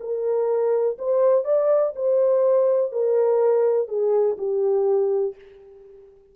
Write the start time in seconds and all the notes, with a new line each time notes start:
0.00 A#4
0.98 C5
1.44 D5
1.96 C5
2.92 A#4
3.88 G#4
4.38 G4